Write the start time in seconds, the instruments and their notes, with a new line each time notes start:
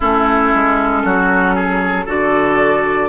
0.00 bassoon A3, clarinet C#4, oboe E4, flute A4
0.54 bassoon G#3
1.04 bassoon F#3, oboe F#4
1.55 oboe G#4
2.05 bassoon D3, clarinet F#4, oboe A4, flute D5